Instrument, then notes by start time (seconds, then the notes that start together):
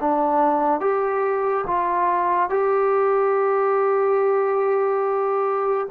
trombone
0.00 D4
0.80 G4
1.66 F4
2.49 G4